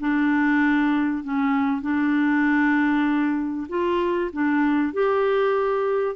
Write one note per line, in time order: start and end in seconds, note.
0.00 1.23 D4
1.23 1.81 C#4
1.81 3.67 D4
3.69 4.30 F4
4.33 4.93 D4
4.93 6.15 G4